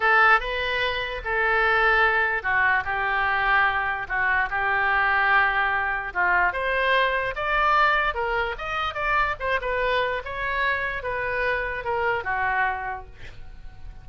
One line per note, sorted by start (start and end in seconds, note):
0.00 0.40 A4
0.40 1.21 B4
1.24 2.42 A4
2.42 2.83 F#4
2.84 4.07 G4
4.08 4.49 F#4
4.49 6.13 G4
6.13 6.53 F4
6.53 7.34 C5
7.35 8.14 D5
8.14 8.55 A#4
8.58 8.94 D#5
8.94 9.35 D5
9.39 9.60 C5
9.61 10.22 B4
10.24 11.02 C#5
11.02 11.84 B4
11.84 12.23 A#4
12.23 13.05 F#4